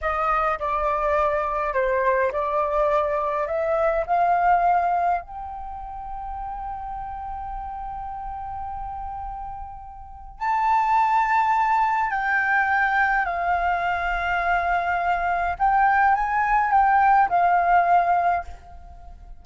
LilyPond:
\new Staff \with { instrumentName = "flute" } { \time 4/4 \tempo 4 = 104 dis''4 d''2 c''4 | d''2 e''4 f''4~ | f''4 g''2.~ | g''1~ |
g''2 a''2~ | a''4 g''2 f''4~ | f''2. g''4 | gis''4 g''4 f''2 | }